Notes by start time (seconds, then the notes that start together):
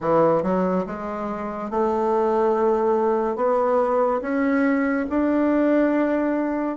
0.00 E3
0.42 F#3
0.86 G#3
1.70 A3
3.36 B3
4.21 C#4
5.09 D4